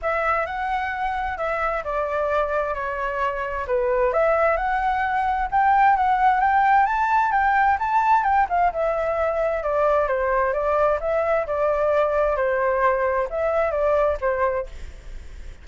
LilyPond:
\new Staff \with { instrumentName = "flute" } { \time 4/4 \tempo 4 = 131 e''4 fis''2 e''4 | d''2 cis''2 | b'4 e''4 fis''2 | g''4 fis''4 g''4 a''4 |
g''4 a''4 g''8 f''8 e''4~ | e''4 d''4 c''4 d''4 | e''4 d''2 c''4~ | c''4 e''4 d''4 c''4 | }